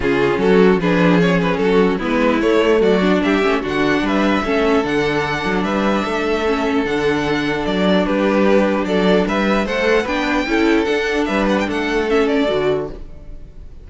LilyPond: <<
  \new Staff \with { instrumentName = "violin" } { \time 4/4 \tempo 4 = 149 gis'4 a'4 b'4 cis''8 b'8 | a'4 b'4 cis''4 d''4 | e''4 fis''4 e''2 | fis''2 e''2~ |
e''4 fis''2 d''4 | b'2 d''4 e''4 | fis''4 g''2 fis''4 | e''8 fis''16 g''16 fis''4 e''8 d''4. | }
  \new Staff \with { instrumentName = "violin" } { \time 4/4 f'4 fis'4 gis'2 | fis'4 e'2 fis'4 | g'4 fis'4 b'4 a'4~ | a'2 b'4 a'4~ |
a'1 | g'2 a'4 b'4 | c''4 b'4 a'2 | b'4 a'2. | }
  \new Staff \with { instrumentName = "viola" } { \time 4/4 cis'2 d'4 cis'4~ | cis'4 b4 a4. d'8~ | d'8 cis'8 d'2 cis'4 | d'1 |
cis'4 d'2.~ | d'1 | a'4 d'4 e'4 d'4~ | d'2 cis'4 fis'4 | }
  \new Staff \with { instrumentName = "cello" } { \time 4/4 cis4 fis4 f2 | fis4 gis4 a4 fis4 | g8 a8 d4 g4 a4 | d4. fis8 g4 a4~ |
a4 d2 fis4 | g2 fis4 g4 | a4 b4 cis'4 d'4 | g4 a2 d4 | }
>>